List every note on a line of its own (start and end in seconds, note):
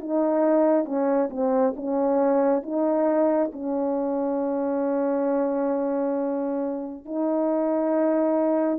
0.00 0.85 D#4
0.85 1.29 C#4
1.30 1.74 C4
1.76 2.63 C#4
2.63 3.51 D#4
3.53 7.05 C#4
7.05 8.79 D#4